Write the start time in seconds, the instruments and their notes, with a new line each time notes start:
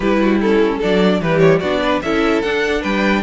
0.00 cello G3, viola E4, violin G4 B4
0.21 violin F#4
0.39 viola C#4, violin E4 A4
0.78 cello F#3, viola D4, violin A4 D5
1.20 cello E3, viola G3, violin G4 B4
1.39 violin C#5
1.59 cello B3, viola D4, violin F#4 D5
1.82 violin B4
2.02 cello C#4, viola E4, violin A4 E5
2.41 cello D4, viola D4, violin F#5
2.81 cello G3, violin B4 G5